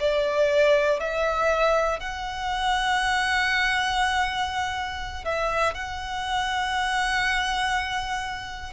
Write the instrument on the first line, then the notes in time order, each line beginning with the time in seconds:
violin
0.00 D5
1.00 E5
2.00 F#5
5.25 E5
5.74 F#5